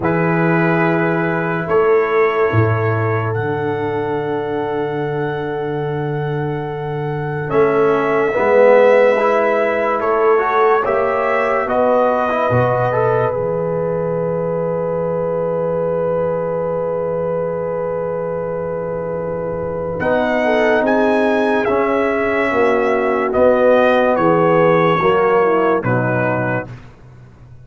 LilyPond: <<
  \new Staff \with { instrumentName = "trumpet" } { \time 4/4 \tempo 4 = 72 b'2 cis''2 | fis''1~ | fis''4 e''2. | cis''4 e''4 dis''2 |
e''1~ | e''1 | fis''4 gis''4 e''2 | dis''4 cis''2 b'4 | }
  \new Staff \with { instrumentName = "horn" } { \time 4/4 gis'2 a'2~ | a'1~ | a'2 b'2 | a'4 cis''4 b'2~ |
b'1~ | b'1~ | b'8 a'8 gis'2 fis'4~ | fis'4 gis'4 fis'8 e'8 dis'4 | }
  \new Staff \with { instrumentName = "trombone" } { \time 4/4 e'1 | d'1~ | d'4 cis'4 b4 e'4~ | e'8 fis'8 g'4 fis'8. e'16 fis'8 a'8 |
gis'1~ | gis'1 | dis'2 cis'2 | b2 ais4 fis4 | }
  \new Staff \with { instrumentName = "tuba" } { \time 4/4 e2 a4 a,4 | d1~ | d4 a4 gis2 | a4 ais4 b4 b,4 |
e1~ | e1 | b4 c'4 cis'4 ais4 | b4 e4 fis4 b,4 | }
>>